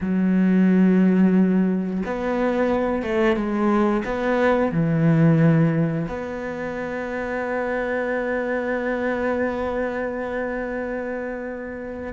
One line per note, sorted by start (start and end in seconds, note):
0.00 2.03 F#3
2.05 3.02 B3
3.02 3.36 A3
3.36 4.03 G#3
4.04 4.72 B3
4.72 6.07 E3
6.08 12.13 B3